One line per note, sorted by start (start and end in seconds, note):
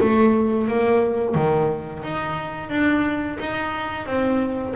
0.00 0.67 A3
0.67 1.34 A#3
1.34 2.02 D#3
2.03 2.69 D#4
2.69 3.37 D4
3.39 4.06 D#4
4.06 4.74 C4